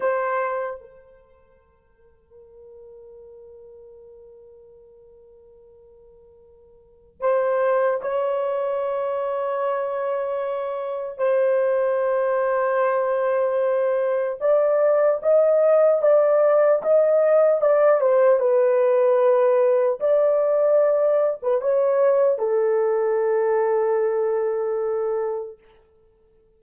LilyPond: \new Staff \with { instrumentName = "horn" } { \time 4/4 \tempo 4 = 75 c''4 ais'2.~ | ais'1~ | ais'4 c''4 cis''2~ | cis''2 c''2~ |
c''2 d''4 dis''4 | d''4 dis''4 d''8 c''8 b'4~ | b'4 d''4.~ d''16 b'16 cis''4 | a'1 | }